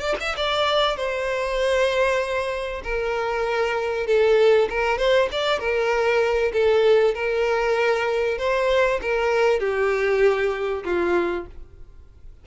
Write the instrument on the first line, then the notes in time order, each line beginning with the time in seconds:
violin
0.00 D5
0.21 E5
0.37 D5
0.97 C5
2.84 A#4
4.07 A4
4.70 A#4
4.98 C5
5.32 D5
5.60 A#4
6.53 A4
7.15 A#4
8.39 C5
9.02 A#4
9.60 G4
10.85 F4